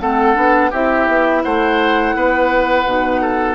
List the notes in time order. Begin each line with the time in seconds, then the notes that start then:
0.00 A3 C4 A4 F#5
0.35 B3 D4
0.71 C4 E4 G4 E5
1.08 B3
1.43 A3 C5 F#5
2.14 B3 B4
2.85 B2 D#4
3.21 A4